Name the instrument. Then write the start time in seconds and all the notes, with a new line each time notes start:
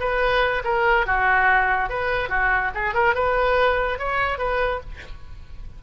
oboe
0.00 B4
0.64 A#4
1.07 F#4
1.90 B4
2.29 F#4
2.75 G#4
2.94 A#4
3.15 B4
3.99 C#5
4.39 B4